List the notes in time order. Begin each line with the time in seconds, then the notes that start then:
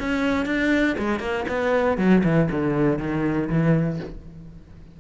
0.00 C#4
0.46 D4
0.99 G#3
1.20 A#3
1.49 B3
1.98 F#3
2.25 E3
2.52 D3
2.99 D#3
3.50 E3